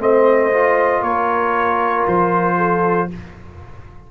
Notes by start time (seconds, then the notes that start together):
0.00 A3 C4 C5 D#5
0.52 F4
1.01 A#3 A#4 C#5
2.07 F3 C5
2.57 A4